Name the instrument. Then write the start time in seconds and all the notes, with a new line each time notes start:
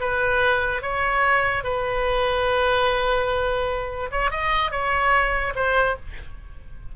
oboe
0.00 B4
0.82 C#5
1.64 B4
4.11 C#5
4.31 D#5
4.71 C#5
5.55 C5